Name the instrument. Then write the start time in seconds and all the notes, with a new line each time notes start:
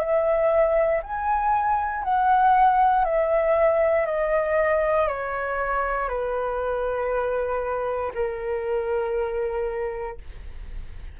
flute
0.00 E5
1.03 G#5
2.04 F#5
3.05 E5
4.06 D#5
5.08 C#5
6.09 B4
8.14 A#4